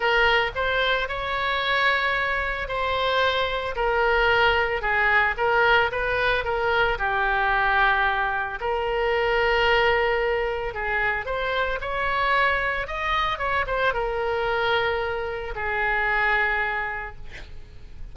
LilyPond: \new Staff \with { instrumentName = "oboe" } { \time 4/4 \tempo 4 = 112 ais'4 c''4 cis''2~ | cis''4 c''2 ais'4~ | ais'4 gis'4 ais'4 b'4 | ais'4 g'2. |
ais'1 | gis'4 c''4 cis''2 | dis''4 cis''8 c''8 ais'2~ | ais'4 gis'2. | }